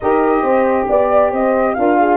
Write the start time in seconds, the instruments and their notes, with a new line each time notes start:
0.00 tuba D#4, saxophone G4, horn A#4, flute D#5
0.42 tuba C4, horn C5
0.88 tuba B3, flute D5, horn D5
1.30 tuba C4, horn C5, flute D#5
1.74 tuba D4, saxophone F4, horn A#4, flute F5
1.99 horn G#4